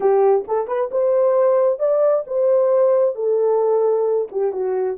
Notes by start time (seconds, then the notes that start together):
0.00 G4
0.47 A4
0.67 B4
0.91 C5
1.79 D5
2.27 C5
3.15 A4
4.31 G4
4.52 F#4